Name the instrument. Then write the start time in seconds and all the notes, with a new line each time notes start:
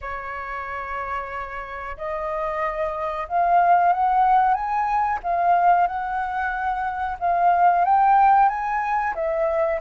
flute
0.01 C#5
1.97 D#5
3.28 F5
3.92 F#5
4.54 G#5
5.23 F5
5.87 F#5
7.19 F5
7.84 G5
8.48 G#5
9.15 E5